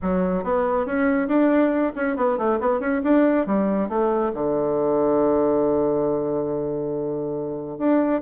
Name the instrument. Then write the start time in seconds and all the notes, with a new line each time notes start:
bassoon
0.01 F#3
0.43 B3
0.86 C#4
1.27 D4
1.95 C#4
2.16 B3
2.37 A3
2.60 B3
2.79 C#4
3.03 D4
3.46 G3
3.88 A3
4.33 D3
7.78 D4